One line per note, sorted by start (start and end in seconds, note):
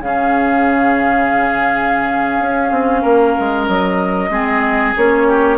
0.00 2.39 C#3
0.00 4.31 C#4
0.00 3.02 G#4
0.00 3.66 F5
2.39 2.71 C#4
2.71 3.03 C4
3.02 3.36 A#3
3.02 4.29 A#4
3.39 3.68 G#3
3.66 4.29 F#3
3.66 4.94 D#5
4.29 4.93 G#3
4.29 4.95 C4
4.29 5.27 G#4
4.96 5.57 A#3
4.96 5.57 C#4
4.96 5.57 C#5
5.27 5.57 G4